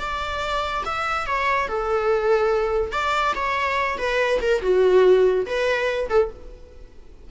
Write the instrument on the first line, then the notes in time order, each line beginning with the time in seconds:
viola
0.00 D5
0.86 E5
1.27 C#5
1.68 A4
2.92 D5
3.36 C#5
3.98 B4
4.42 A#4
4.62 F#4
5.46 B4
6.10 A4